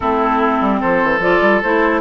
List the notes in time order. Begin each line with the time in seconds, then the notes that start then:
0.00 A3 C4 E4 A4
0.60 G3
0.80 F3 A4 C5
1.03 E3
1.18 F3 F4 D5
1.41 G3
1.62 A3 E4 C5